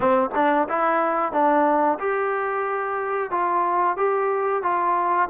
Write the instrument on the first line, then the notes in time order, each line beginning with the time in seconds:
trombone
0.00 C4
0.34 D4
0.68 E4
1.32 D4
1.99 G4
3.31 F4
3.97 G4
4.62 F4